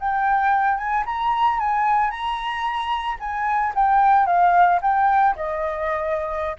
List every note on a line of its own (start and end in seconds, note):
0.00 0.78 G5
0.78 1.05 G#5
1.06 1.60 A#5
1.60 2.11 G#5
2.11 3.19 A#5
3.20 3.74 G#5
3.75 4.27 G5
4.27 4.80 F5
4.82 5.36 G5
5.36 6.57 D#5